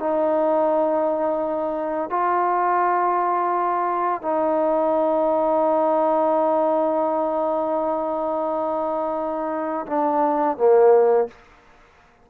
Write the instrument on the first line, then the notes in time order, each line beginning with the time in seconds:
trombone
0.00 D#4
2.10 F4
4.22 D#4
9.87 D4
10.58 A#3